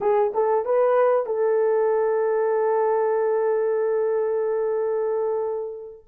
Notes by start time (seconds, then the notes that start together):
0.01 G#4
0.34 A4
0.65 B4
1.26 A4